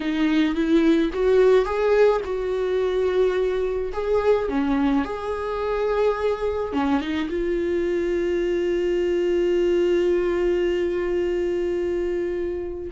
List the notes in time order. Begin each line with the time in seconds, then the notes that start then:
0.00 D#4
0.54 E4
1.13 F#4
1.65 G#4
2.24 F#4
3.93 G#4
4.48 C#4
5.04 G#4
6.72 C#4
7.00 D#4
7.29 F4